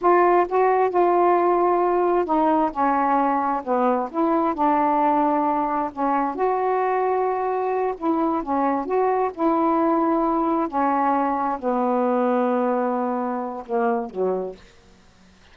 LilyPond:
\new Staff \with { instrumentName = "saxophone" } { \time 4/4 \tempo 4 = 132 f'4 fis'4 f'2~ | f'4 dis'4 cis'2 | b4 e'4 d'2~ | d'4 cis'4 fis'2~ |
fis'4. e'4 cis'4 fis'8~ | fis'8 e'2. cis'8~ | cis'4. b2~ b8~ | b2 ais4 fis4 | }